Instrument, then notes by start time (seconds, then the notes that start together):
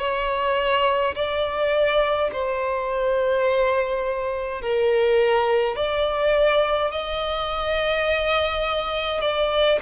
violin
0.00 C#5
1.15 D5
2.33 C5
4.62 A#4
5.76 D5
6.92 D#5
9.22 D5